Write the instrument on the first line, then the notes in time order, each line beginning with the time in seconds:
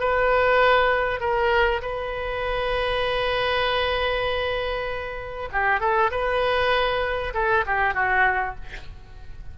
oboe
0.00 B4
1.21 A#4
1.82 B4
5.53 G4
5.81 A4
6.11 B4
7.34 A4
7.66 G4
7.95 F#4